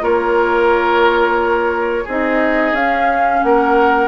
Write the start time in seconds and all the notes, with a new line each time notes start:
0.00 A#3 F4 A#4 C#5
2.04 C4 D#4 G#4 D#5
2.72 C#4 F5
3.43 A#3 A#4 F#5